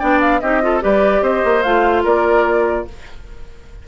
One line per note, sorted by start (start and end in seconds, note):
0.00 0.42 B3
0.00 0.41 D4
0.00 0.41 D5
0.00 0.21 G5
0.21 0.40 F5
0.40 0.83 C4
0.40 0.62 D#4
0.40 0.62 G4
0.40 0.82 D#5
0.62 0.81 F4
0.62 0.83 A4
0.81 1.22 G3
0.81 1.64 G4
0.81 1.23 B4
0.81 1.24 D5
1.22 1.43 C4
1.22 2.03 C5
1.22 1.63 D#5
1.45 1.65 A#3
1.63 2.05 A3
1.63 2.88 F4
1.63 2.04 F5
2.03 2.87 A#3
2.03 2.86 A#4
2.03 2.88 D5